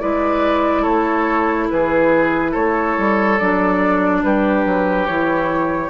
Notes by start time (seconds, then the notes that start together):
0.00 G#3 E4 B4 D5
0.82 A3 A4 C#5
1.70 E3 G#4 B4
2.52 A3 A4 C#5
2.98 G3
3.38 F#3 D4 D5
4.23 G3 G4 B4
4.65 F#3
5.06 E3 E4 C#5